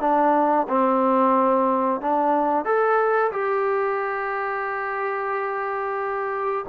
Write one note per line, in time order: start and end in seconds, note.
0.00 0.67 D4
0.68 2.01 C4
2.01 2.65 D4
2.65 3.32 A4
3.32 6.65 G4